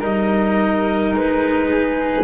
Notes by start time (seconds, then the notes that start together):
0.00 G3 D#4 A#4 D#5
1.15 G#3 B4
1.70 G#4